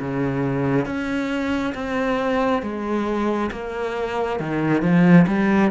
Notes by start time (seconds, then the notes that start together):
0.00 C#3
0.85 C#4
1.74 C4
2.62 G#3
3.51 A#3
4.40 D#3
4.82 F3
5.27 G3